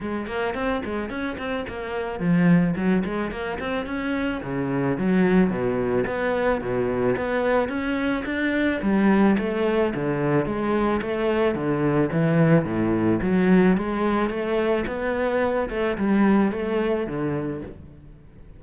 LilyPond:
\new Staff \with { instrumentName = "cello" } { \time 4/4 \tempo 4 = 109 gis8 ais8 c'8 gis8 cis'8 c'8 ais4 | f4 fis8 gis8 ais8 c'8 cis'4 | cis4 fis4 b,4 b4 | b,4 b4 cis'4 d'4 |
g4 a4 d4 gis4 | a4 d4 e4 a,4 | fis4 gis4 a4 b4~ | b8 a8 g4 a4 d4 | }